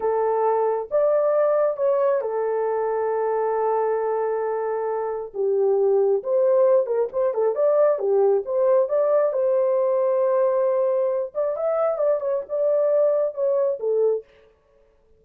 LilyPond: \new Staff \with { instrumentName = "horn" } { \time 4/4 \tempo 4 = 135 a'2 d''2 | cis''4 a'2.~ | a'1 | g'2 c''4. ais'8 |
c''8 a'8 d''4 g'4 c''4 | d''4 c''2.~ | c''4. d''8 e''4 d''8 cis''8 | d''2 cis''4 a'4 | }